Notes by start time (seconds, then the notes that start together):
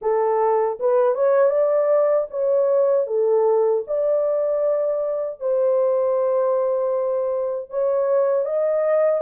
0.01 A4
0.79 B4
1.14 C#5
1.50 D5
2.30 C#5
3.06 A4
3.87 D5
5.40 C5
7.70 C#5
8.45 D#5